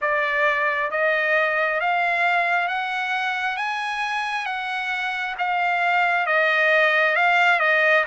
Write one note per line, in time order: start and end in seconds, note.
0.01 0.90 D5
0.90 1.80 D#5
1.80 2.67 F5
2.67 3.57 F#5
3.57 4.45 G#5
4.45 5.35 F#5
5.38 6.26 F5
6.26 7.15 D#5
7.15 7.59 F5
7.59 8.04 D#5